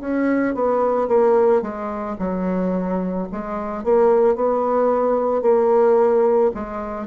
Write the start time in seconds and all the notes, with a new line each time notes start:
0.00 C#4
0.55 B3
1.08 A#3
1.62 G#3
2.19 F#3
3.32 G#3
3.84 A#3
4.35 B3
5.42 A#3
6.54 G#3